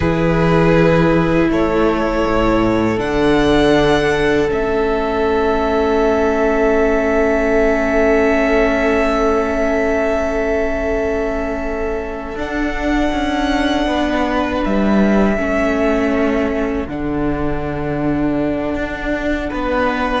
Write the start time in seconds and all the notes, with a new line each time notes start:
0.00 E3 E4 G#4 B4
1.49 A3 A4 C#5
2.26 A2
2.97 D3 D4 F#5
4.48 A3 C#4 E5
12.35 D4 F#5
13.12 C#4
13.86 B3 B4
14.64 G3 E5
15.37 A3 C#4 A4
16.88 D3 D4 F#5
18.74 D4
19.50 B3 B4